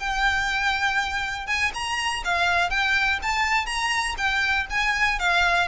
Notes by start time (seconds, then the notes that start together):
0.00 G5
1.47 G#5
1.74 A#5
2.24 F5
2.70 G5
3.22 A5
3.66 A#5
4.18 G5
4.70 G#5
5.20 F5